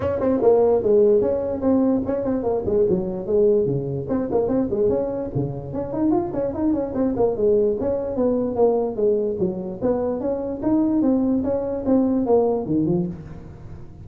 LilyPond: \new Staff \with { instrumentName = "tuba" } { \time 4/4 \tempo 4 = 147 cis'8 c'8 ais4 gis4 cis'4 | c'4 cis'8 c'8 ais8 gis8 fis4 | gis4 cis4 c'8 ais8 c'8 gis8 | cis'4 cis4 cis'8 dis'8 f'8 cis'8 |
dis'8 cis'8 c'8 ais8 gis4 cis'4 | b4 ais4 gis4 fis4 | b4 cis'4 dis'4 c'4 | cis'4 c'4 ais4 dis8 f8 | }